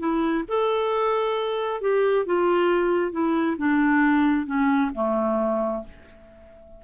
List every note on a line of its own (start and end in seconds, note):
0.00 0.45 E4
0.49 1.81 A4
1.81 2.26 G4
2.27 3.12 F4
3.12 3.57 E4
3.58 4.47 D4
4.47 4.91 C#4
4.95 5.84 A3